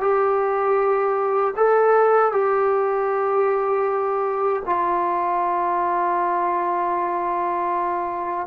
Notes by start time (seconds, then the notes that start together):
0.00 G4
1.56 A4
2.32 G4
4.65 F4